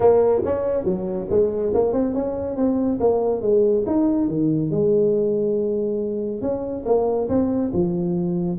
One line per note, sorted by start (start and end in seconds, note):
0.00 0.42 A#3
0.44 0.84 C#4
0.84 1.27 F#3
1.30 1.72 G#3
1.74 1.92 A#3
1.92 2.14 C4
2.14 2.56 C#4
2.56 2.99 C4
3.00 3.41 A#3
3.41 3.84 G#3
3.86 4.28 D#4
4.28 4.70 D#3
4.70 6.41 G#3
6.41 6.84 C#4
6.85 7.28 A#3
7.28 7.71 C4
7.73 8.59 F3